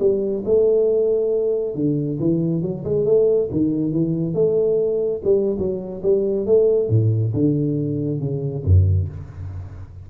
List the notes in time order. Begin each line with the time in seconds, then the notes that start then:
0.00 G3
0.45 A3
1.75 D3
2.20 E3
2.62 F#3
2.85 G#3
3.06 A3
3.52 D#3
3.92 E3
4.34 A3
5.24 G3
5.59 F#3
6.03 G3
6.46 A3
6.89 A2
7.34 D3
8.20 C#3
8.65 F#2